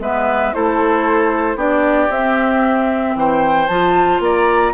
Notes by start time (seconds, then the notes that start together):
0.00 G#3 B3 B4 E5
0.54 A3 E4 A4 C5
1.56 B3 D4 G4 D5
2.09 C4 E5
3.15 E3 C5 G5
3.67 F3 F4 A5
4.20 A#3 D5 A#5